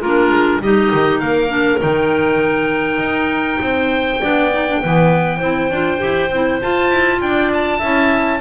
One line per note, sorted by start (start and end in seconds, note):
0.00 0.29 A#3
0.00 0.63 D4
0.00 0.60 F4
0.00 0.61 A#4
0.29 0.59 G#3
0.61 0.91 G3
0.61 1.48 D#4
0.61 1.22 G4
0.61 1.19 D#5
0.93 1.21 D#3
1.19 1.81 A#3
1.19 3.61 A#4
1.19 1.79 F5
1.48 1.78 D4
1.79 2.98 D#3
1.79 4.19 D#4
1.79 6.61 G5
2.98 3.58 D#4
3.60 4.20 C4
3.60 4.21 C5
4.21 4.84 B3
4.21 4.51 D4
4.21 4.80 D5
4.52 4.67 D#4
4.67 4.83 D4
4.80 5.41 E3
4.80 5.40 B3
4.80 5.37 B4
5.37 5.70 C4
5.37 5.70 E4
5.37 7.17 C5
5.70 6.00 D4
5.70 5.98 F4
5.98 6.30 E4
5.98 6.28 G4
6.30 6.60 C4
6.30 6.61 E4
6.61 7.81 F4
6.61 6.91 F4
6.61 7.21 A5
6.91 7.21 E4
7.21 7.81 D4
7.21 7.78 D5
7.21 7.51 G5
7.53 8.40 A5
7.78 8.40 C#4
7.78 8.40 E4
7.78 8.38 E5